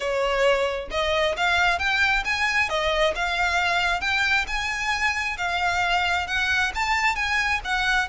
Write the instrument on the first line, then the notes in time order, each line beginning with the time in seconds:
violin
0.00 C#5
0.91 D#5
1.36 F5
1.78 G5
2.24 G#5
2.69 D#5
3.15 F5
4.01 G5
4.47 G#5
5.37 F5
6.27 F#5
6.74 A5
7.15 G#5
7.64 F#5